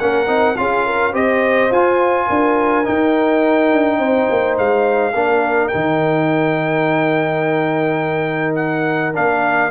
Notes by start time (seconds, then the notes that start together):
0.00 A#3 C#4 A#4 F#5
0.27 C4 D#4
0.57 C#4 F4 G#4 F5
0.87 A#4
1.12 C4 G4 C5 D#5
1.71 F4 G#5
2.27 D4 A#4
2.85 D#4 G5
3.73 D4
3.99 C4 C5
4.31 A#3
4.59 G#3 F5
5.14 A#3 D4 A#4
5.69 D#4 G5
5.75 D#3
8.56 F#5
9.14 A#3 D4 F5